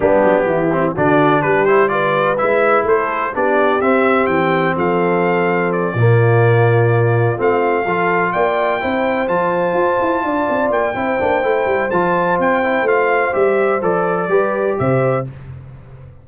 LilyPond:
<<
  \new Staff \with { instrumentName = "trumpet" } { \time 4/4 \tempo 4 = 126 g'2 d''4 b'8 c''8 | d''4 e''4 c''4 d''4 | e''4 g''4 f''2 | d''2.~ d''8 f''8~ |
f''4. g''2 a''8~ | a''2~ a''8 g''4.~ | g''4 a''4 g''4 f''4 | e''4 d''2 e''4 | }
  \new Staff \with { instrumentName = "horn" } { \time 4/4 d'4 e'4 fis'4 g'4 | b'2 a'4 g'4~ | g'2 a'2~ | a'8 f'2.~ f'8~ |
f'8 a'4 d''4 c''4.~ | c''4. d''4. c''4~ | c''1~ | c''2 b'4 c''4 | }
  \new Staff \with { instrumentName = "trombone" } { \time 4/4 b4. c'8 d'4. e'8 | f'4 e'2 d'4 | c'1~ | c'8 ais2. c'8~ |
c'8 f'2 e'4 f'8~ | f'2. e'8 d'8 | e'4 f'4. e'8 f'4 | g'4 a'4 g'2 | }
  \new Staff \with { instrumentName = "tuba" } { \time 4/4 g8 fis8 e4 d4 g4~ | g4 gis4 a4 b4 | c'4 e4 f2~ | f8 ais,2. a8~ |
a8 f4 ais4 c'4 f8~ | f8 f'8 e'8 d'8 c'8 ais8 c'8 ais8 | a8 g8 f4 c'4 a4 | g4 f4 g4 c4 | }
>>